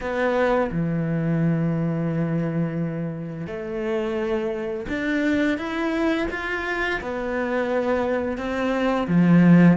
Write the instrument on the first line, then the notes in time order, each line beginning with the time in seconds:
cello
0.00 B3
0.71 E3
3.46 A3
4.88 D4
5.58 E4
6.30 F4
7.01 B3
8.37 C4
9.07 F3